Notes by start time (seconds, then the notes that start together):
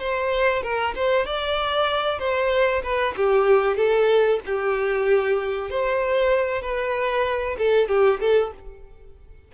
0.00 C5
0.63 A#4
0.96 C5
1.26 D5
2.20 C5
2.84 B4
3.17 G4
3.77 A4
4.46 G4
5.70 C5
6.62 B4
7.59 A4
7.89 G4
8.21 A4